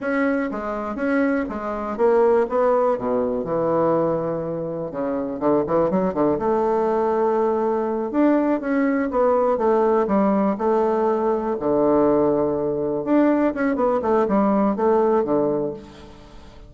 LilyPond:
\new Staff \with { instrumentName = "bassoon" } { \time 4/4 \tempo 4 = 122 cis'4 gis4 cis'4 gis4 | ais4 b4 b,4 e4~ | e2 cis4 d8 e8 | fis8 d8 a2.~ |
a8 d'4 cis'4 b4 a8~ | a8 g4 a2 d8~ | d2~ d8 d'4 cis'8 | b8 a8 g4 a4 d4 | }